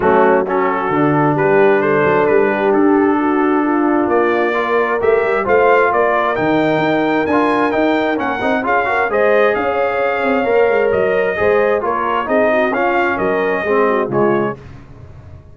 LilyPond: <<
  \new Staff \with { instrumentName = "trumpet" } { \time 4/4 \tempo 4 = 132 fis'4 a'2 b'4 | c''4 b'4 a'2~ | a'4 d''2 e''4 | f''4 d''4 g''2 |
gis''4 g''4 fis''4 f''4 | dis''4 f''2. | dis''2 cis''4 dis''4 | f''4 dis''2 cis''4 | }
  \new Staff \with { instrumentName = "horn" } { \time 4/4 cis'4 fis'2 g'4 | a'4. g'4. fis'4 | f'2 ais'2 | c''4 ais'2.~ |
ais'2. gis'8 ais'8 | c''4 cis''2.~ | cis''4 c''4 ais'4 gis'8 fis'8 | f'4 ais'4 gis'8 fis'8 f'4 | }
  \new Staff \with { instrumentName = "trombone" } { \time 4/4 a4 cis'4 d'2~ | d'1~ | d'2 f'4 g'4 | f'2 dis'2 |
f'4 dis'4 cis'8 dis'8 f'8 fis'8 | gis'2. ais'4~ | ais'4 gis'4 f'4 dis'4 | cis'2 c'4 gis4 | }
  \new Staff \with { instrumentName = "tuba" } { \time 4/4 fis2 d4 g4~ | g8 fis8 g4 d'2~ | d'4 ais2 a8 g8 | a4 ais4 dis4 dis'4 |
d'4 dis'4 ais8 c'8 cis'4 | gis4 cis'4. c'8 ais8 gis8 | fis4 gis4 ais4 c'4 | cis'4 fis4 gis4 cis4 | }
>>